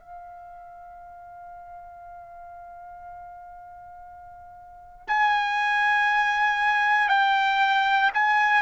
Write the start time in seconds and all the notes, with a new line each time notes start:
0.00 F5
5.08 G#5
7.09 G5
8.14 G#5